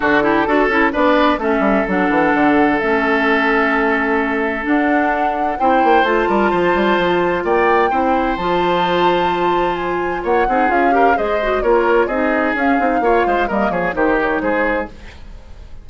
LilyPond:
<<
  \new Staff \with { instrumentName = "flute" } { \time 4/4 \tempo 4 = 129 a'2 d''4 e''4 | fis''2 e''2~ | e''2 fis''2 | g''4 a''2. |
g''2 a''2~ | a''4 gis''4 fis''4 f''4 | dis''4 cis''4 dis''4 f''4~ | f''4 dis''8 cis''8 c''8 cis''8 c''4 | }
  \new Staff \with { instrumentName = "oboe" } { \time 4/4 fis'8 g'8 a'4 b'4 a'4~ | a'1~ | a'1 | c''4. ais'8 c''2 |
d''4 c''2.~ | c''2 cis''8 gis'4 ais'8 | c''4 ais'4 gis'2 | cis''8 c''8 ais'8 gis'8 g'4 gis'4 | }
  \new Staff \with { instrumentName = "clarinet" } { \time 4/4 d'8 e'8 fis'8 e'8 d'4 cis'4 | d'2 cis'2~ | cis'2 d'2 | e'4 f'2.~ |
f'4 e'4 f'2~ | f'2~ f'8 dis'8 f'8 g'8 | gis'8 fis'8 f'4 dis'4 cis'8 dis'8 | f'4 ais4 dis'2 | }
  \new Staff \with { instrumentName = "bassoon" } { \time 4/4 d4 d'8 cis'8 b4 a8 g8 | fis8 e8 d4 a2~ | a2 d'2 | c'8 ais8 a8 g8 f8 g8 f4 |
ais4 c'4 f2~ | f2 ais8 c'8 cis'4 | gis4 ais4 c'4 cis'8 c'8 | ais8 gis8 g8 f8 dis4 gis4 | }
>>